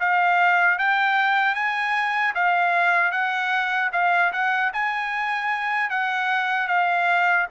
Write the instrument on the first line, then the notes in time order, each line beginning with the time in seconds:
trumpet
0.00 F5
0.78 G5
1.55 G#5
2.35 F5
3.11 F#5
3.93 F5
4.32 F#5
4.73 G#5
5.90 F#5
6.68 F5